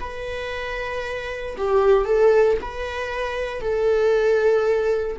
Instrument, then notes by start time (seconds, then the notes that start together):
viola
0.00 B4
1.57 G4
2.05 A4
2.61 B4
3.61 A4